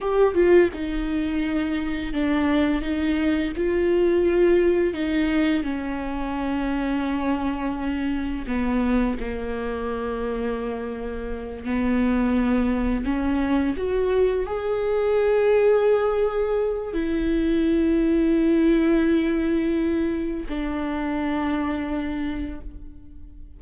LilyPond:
\new Staff \with { instrumentName = "viola" } { \time 4/4 \tempo 4 = 85 g'8 f'8 dis'2 d'4 | dis'4 f'2 dis'4 | cis'1 | b4 ais2.~ |
ais8 b2 cis'4 fis'8~ | fis'8 gis'2.~ gis'8 | e'1~ | e'4 d'2. | }